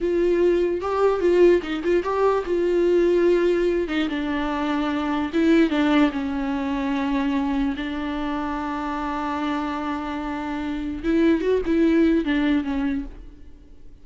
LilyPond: \new Staff \with { instrumentName = "viola" } { \time 4/4 \tempo 4 = 147 f'2 g'4 f'4 | dis'8 f'8 g'4 f'2~ | f'4. dis'8 d'2~ | d'4 e'4 d'4 cis'4~ |
cis'2. d'4~ | d'1~ | d'2. e'4 | fis'8 e'4. d'4 cis'4 | }